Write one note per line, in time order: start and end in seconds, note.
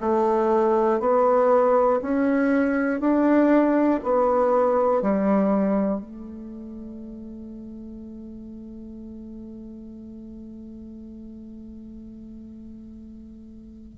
0.00 1.00 A3
1.00 2.00 B3
2.02 3.00 C#4
3.00 4.00 D4
4.04 5.02 B3
5.02 6.00 G3
6.00 13.98 A3